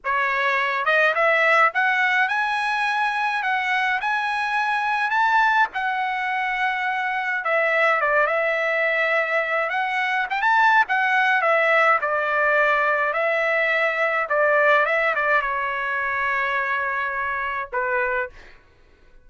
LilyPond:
\new Staff \with { instrumentName = "trumpet" } { \time 4/4 \tempo 4 = 105 cis''4. dis''8 e''4 fis''4 | gis''2 fis''4 gis''4~ | gis''4 a''4 fis''2~ | fis''4 e''4 d''8 e''4.~ |
e''4 fis''4 g''16 a''8. fis''4 | e''4 d''2 e''4~ | e''4 d''4 e''8 d''8 cis''4~ | cis''2. b'4 | }